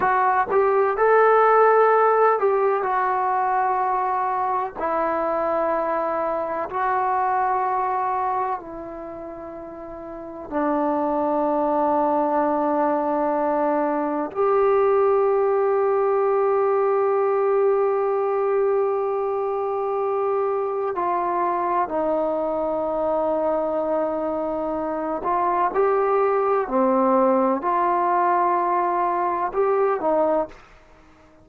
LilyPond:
\new Staff \with { instrumentName = "trombone" } { \time 4/4 \tempo 4 = 63 fis'8 g'8 a'4. g'8 fis'4~ | fis'4 e'2 fis'4~ | fis'4 e'2 d'4~ | d'2. g'4~ |
g'1~ | g'2 f'4 dis'4~ | dis'2~ dis'8 f'8 g'4 | c'4 f'2 g'8 dis'8 | }